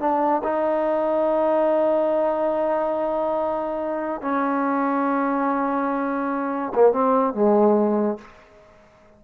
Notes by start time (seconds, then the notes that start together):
0.00 D4
0.43 D#4
4.21 C#4
6.74 A#3
6.92 C4
7.34 G#3